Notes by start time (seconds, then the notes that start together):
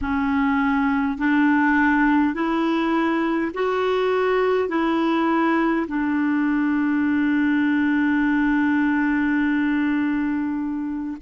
0.01 C#4
1.18 D4
2.34 E4
3.53 F#4
4.68 E4
5.87 D4